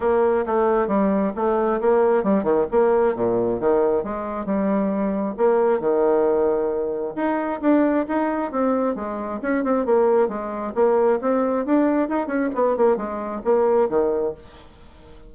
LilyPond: \new Staff \with { instrumentName = "bassoon" } { \time 4/4 \tempo 4 = 134 ais4 a4 g4 a4 | ais4 g8 dis8 ais4 ais,4 | dis4 gis4 g2 | ais4 dis2. |
dis'4 d'4 dis'4 c'4 | gis4 cis'8 c'8 ais4 gis4 | ais4 c'4 d'4 dis'8 cis'8 | b8 ais8 gis4 ais4 dis4 | }